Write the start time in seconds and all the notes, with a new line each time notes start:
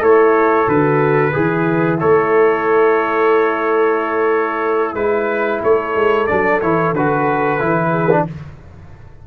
0.00 A3 E4 A4 C#5
0.67 D3 F#4 B4
1.32 E3 E4 G#4
1.99 A3 A4 C#5
4.94 G#3 E4 B4
5.62 A3 A4 C#5
5.95 G#3
6.27 F#3 D4 D5
6.61 E3 E4 C#5
6.93 D3 F#4 B4
7.59 E3 E4
7.90 G#4
8.11 D4